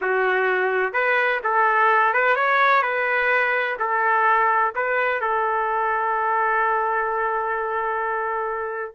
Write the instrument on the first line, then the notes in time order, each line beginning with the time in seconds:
trumpet
0.01 F#4
0.93 B4
1.43 A4
2.13 B4
2.35 C#5
2.82 B4
3.79 A4
4.75 B4
5.20 A4